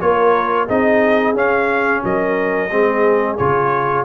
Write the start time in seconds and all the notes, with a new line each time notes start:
0.00 A#3 F4 A#4 C#5
0.66 C4 D#4 G#4 D#5
1.34 C#4 F5
2.04 F#3 A#4 D#5
2.70 G#3 C4 G#4
3.37 C#3 F4 C#5